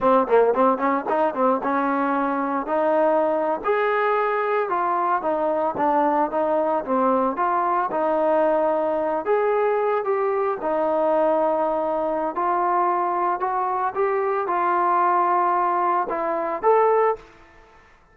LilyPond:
\new Staff \with { instrumentName = "trombone" } { \time 4/4 \tempo 4 = 112 c'8 ais8 c'8 cis'8 dis'8 c'8 cis'4~ | cis'4 dis'4.~ dis'16 gis'4~ gis'16~ | gis'8. f'4 dis'4 d'4 dis'16~ | dis'8. c'4 f'4 dis'4~ dis'16~ |
dis'4~ dis'16 gis'4. g'4 dis'16~ | dis'2. f'4~ | f'4 fis'4 g'4 f'4~ | f'2 e'4 a'4 | }